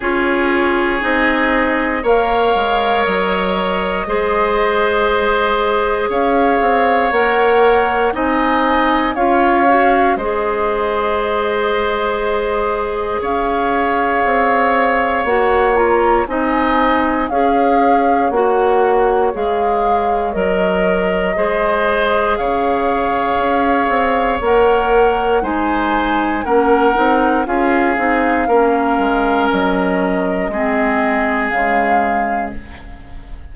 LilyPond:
<<
  \new Staff \with { instrumentName = "flute" } { \time 4/4 \tempo 4 = 59 cis''4 dis''4 f''4 dis''4~ | dis''2 f''4 fis''4 | gis''4 f''4 dis''2~ | dis''4 f''2 fis''8 ais''8 |
gis''4 f''4 fis''4 f''4 | dis''2 f''2 | fis''4 gis''4 fis''4 f''4~ | f''4 dis''2 f''4 | }
  \new Staff \with { instrumentName = "oboe" } { \time 4/4 gis'2 cis''2 | c''2 cis''2 | dis''4 cis''4 c''2~ | c''4 cis''2. |
dis''4 cis''2.~ | cis''4 c''4 cis''2~ | cis''4 c''4 ais'4 gis'4 | ais'2 gis'2 | }
  \new Staff \with { instrumentName = "clarinet" } { \time 4/4 f'4 dis'4 ais'2 | gis'2. ais'4 | dis'4 f'8 fis'8 gis'2~ | gis'2. fis'8 f'8 |
dis'4 gis'4 fis'4 gis'4 | ais'4 gis'2. | ais'4 dis'4 cis'8 dis'8 f'8 dis'8 | cis'2 c'4 gis4 | }
  \new Staff \with { instrumentName = "bassoon" } { \time 4/4 cis'4 c'4 ais8 gis8 fis4 | gis2 cis'8 c'8 ais4 | c'4 cis'4 gis2~ | gis4 cis'4 c'4 ais4 |
c'4 cis'4 ais4 gis4 | fis4 gis4 cis4 cis'8 c'8 | ais4 gis4 ais8 c'8 cis'8 c'8 | ais8 gis8 fis4 gis4 cis4 | }
>>